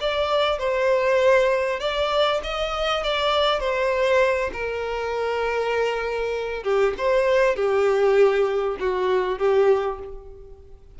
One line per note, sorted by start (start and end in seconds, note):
0.00 0.58 D5
0.58 1.79 C5
1.79 2.40 D5
2.43 3.03 D#5
3.03 3.59 D5
3.59 4.50 C5
4.53 6.63 A#4
6.63 6.93 G4
6.97 7.55 C5
7.55 8.76 G4
8.80 9.38 F#4
9.38 9.99 G4